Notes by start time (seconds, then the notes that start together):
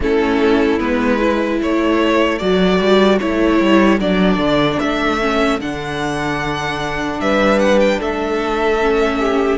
0.00 A3 C#4 E4 A4
0.79 G#3 B3 B4
1.19 E4
1.60 A3 A4 C#5
2.38 F#3 F#4 D5
2.79 G3
3.19 A3 E4 C#5
3.60 G3
3.99 F#3 D4 D5
4.37 D3
4.79 A3 E5
5.20 C#4
5.60 D3 D4 F#5
7.19 G3 B4 E5
7.59 F#5
7.79 G5
7.99 A3 A4 E5
8.80 C#4
9.19 G4